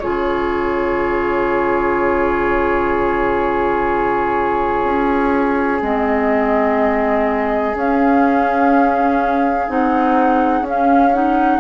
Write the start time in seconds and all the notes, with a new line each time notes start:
0.00 C#3 F4 G#4 C#5
4.84 C#4
5.81 G#3 C4 D#5
7.75 C#4 F5
9.68 C4 D#4 F#5
10.61 C#4
10.69 F5
11.14 D#4 F#5